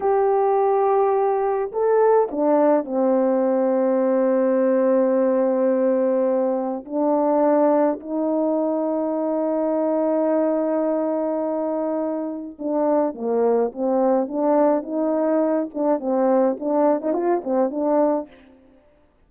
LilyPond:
\new Staff \with { instrumentName = "horn" } { \time 4/4 \tempo 4 = 105 g'2. a'4 | d'4 c'2.~ | c'1 | d'2 dis'2~ |
dis'1~ | dis'2 d'4 ais4 | c'4 d'4 dis'4. d'8 | c'4 d'8. dis'16 f'8 c'8 d'4 | }